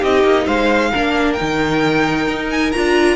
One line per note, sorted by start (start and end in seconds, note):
0.00 0.25 C4
0.00 0.92 D#4
0.00 0.45 G4
0.00 0.47 D#5
0.25 0.47 A#3
0.46 0.93 G#3
0.46 0.91 C5
0.46 1.33 F5
0.93 1.41 A#3
0.93 1.38 D4
0.93 3.17 A#4
1.33 2.74 D#4
1.33 2.46 G5
1.41 2.28 D#3
2.28 2.73 D#4
2.51 2.72 G#5
2.72 3.17 D4
2.72 3.17 F4
2.72 3.17 A#5